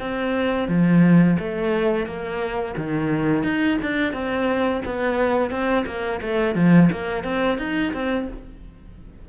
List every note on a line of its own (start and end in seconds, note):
0.00 0.68 C4
0.68 1.37 F3
1.39 2.06 A3
2.06 2.75 A#3
2.77 3.44 D#3
3.44 3.78 D#4
3.82 4.13 D4
4.13 4.82 C4
4.86 5.51 B3
5.51 5.85 C4
5.86 6.21 A#3
6.22 6.55 A3
6.55 6.90 F3
6.92 7.24 A#3
7.24 7.58 C4
7.59 7.93 D#4
7.94 8.28 C4